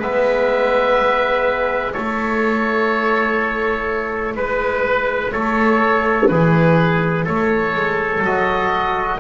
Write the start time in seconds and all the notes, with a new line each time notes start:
0.00 G#3 B3 B4 E5
1.93 A3 E4 A4 C#5
4.36 G#3 B4
5.32 A3 A4 C#5
6.28 E3 G#4 B4
7.25 A3 A4 C#5
7.75 G#3
8.20 F#3 F#4 D#5